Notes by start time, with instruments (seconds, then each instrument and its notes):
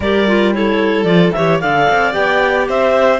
0.00 cello G3, clarinet G4 D5, violin A#4
0.27 clarinet F4
0.53 clarinet E4 C#5, violin A4
1.04 cello F3, clarinet F4 D5
1.32 cello E3, clarinet G4 E5, violin C#5
1.60 cello D3, clarinet A4 F5, violin D5
1.90 cello C4
2.12 cello B3, clarinet G4 G5
2.68 cello C4, violin C5, clarinet E5